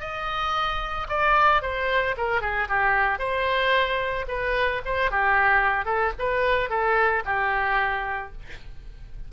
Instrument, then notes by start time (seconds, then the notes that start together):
oboe
0.00 D#5
1.09 D5
1.62 C5
2.17 A#4
2.41 G#4
2.68 G4
3.19 C5
4.28 B4
4.85 C5
5.11 G4
5.85 A4
6.19 B4
6.69 A4
7.25 G4